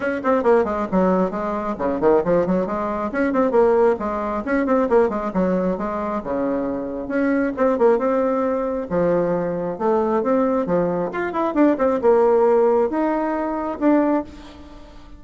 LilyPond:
\new Staff \with { instrumentName = "bassoon" } { \time 4/4 \tempo 4 = 135 cis'8 c'8 ais8 gis8 fis4 gis4 | cis8 dis8 f8 fis8 gis4 cis'8 c'8 | ais4 gis4 cis'8 c'8 ais8 gis8 | fis4 gis4 cis2 |
cis'4 c'8 ais8 c'2 | f2 a4 c'4 | f4 f'8 e'8 d'8 c'8 ais4~ | ais4 dis'2 d'4 | }